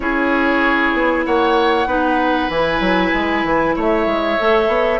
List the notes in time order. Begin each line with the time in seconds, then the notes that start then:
0.00 C#4 E4 G#4 C#5
0.93 B3
1.25 A#3 C#5 F#5
1.85 B3 D#4 B4
2.49 E3 E4 G#5
2.80 F#3
3.13 G#3
3.44 E3
3.75 A3 C#5 E5
4.06 G#3
4.39 A3 A4
4.67 B3